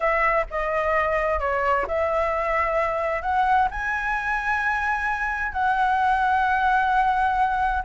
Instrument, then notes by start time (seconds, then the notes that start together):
flute
0.00 E5
0.50 D#5
1.39 C#5
1.87 E5
3.22 F#5
3.70 G#5
5.52 F#5